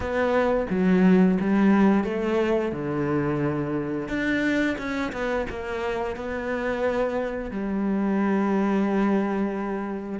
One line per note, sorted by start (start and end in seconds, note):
0.00 0.66 B3
0.70 1.38 F#3
1.40 2.04 G3
2.04 2.72 A3
2.72 4.08 D3
4.08 4.76 D4
4.78 5.12 C#4
5.12 5.46 B3
5.49 6.16 A#3
6.16 7.50 B3
7.50 10.19 G3